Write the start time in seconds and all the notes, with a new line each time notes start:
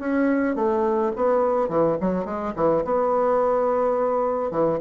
0.00 C#4
0.56 A3
1.16 B3
1.69 E3
2.01 F#3
2.26 G#3
2.56 E3
2.85 B3
4.51 E3